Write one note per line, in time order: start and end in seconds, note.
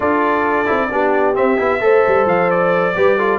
0.00 0.68 D4
0.00 0.65 F4
0.00 0.90 A4
0.00 1.35 D5
0.65 0.91 C4
0.65 0.88 E4
0.91 1.36 B3
0.91 1.34 D4
0.91 1.82 G4
1.34 1.57 C4
1.34 1.59 C4
1.34 2.26 E5
1.57 1.80 B3
1.57 1.80 E4
1.80 2.03 A3
1.80 2.93 A4
1.80 2.95 C5
2.07 2.26 G3
2.26 2.94 F3
2.26 2.50 F5
2.50 3.38 D5
2.95 3.38 G3
2.95 3.18 G4
2.95 3.16 B4
3.16 3.38 F4
3.16 3.38 A4